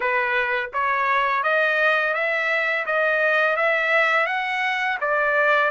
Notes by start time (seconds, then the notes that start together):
0.00 B4
0.73 C#5
1.43 D#5
2.14 E5
2.86 D#5
3.56 E5
4.26 F#5
5.00 D5